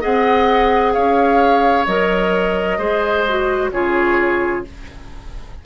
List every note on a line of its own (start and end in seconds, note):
0.00 0.96 C4
0.00 1.85 G#4
0.00 0.93 D#5
0.00 0.93 F#5
0.93 1.87 C#4
0.93 2.78 C#5
0.93 1.85 F5
1.86 2.77 F#3
1.86 2.78 A#4
1.86 3.70 D#5
2.77 3.70 G#3
2.77 3.24 G#4
2.77 3.70 C5
3.28 3.72 F#4
3.71 4.64 C#3
3.71 4.64 F4
3.71 4.65 G#4
3.71 4.64 C#5